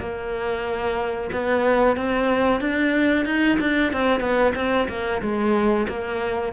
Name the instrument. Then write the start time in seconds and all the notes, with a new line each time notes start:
cello
0.00 A#3
1.33 B3
1.97 C4
2.61 D4
3.26 D#4
3.60 D4
3.93 C4
4.21 B3
4.55 C4
4.89 A#3
5.22 G#3
5.89 A#3